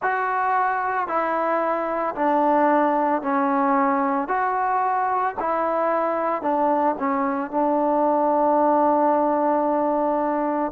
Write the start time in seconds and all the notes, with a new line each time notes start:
0.02 F#4
1.07 E4
2.15 D4
3.21 C#4
4.28 F#4
5.39 E4
6.41 D4
6.98 C#4
7.50 D4